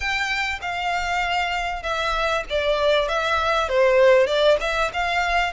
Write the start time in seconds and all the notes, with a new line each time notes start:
0.00 G5
0.61 F5
1.82 E5
2.49 D5
3.08 E5
3.68 C5
4.27 D5
4.60 E5
4.93 F5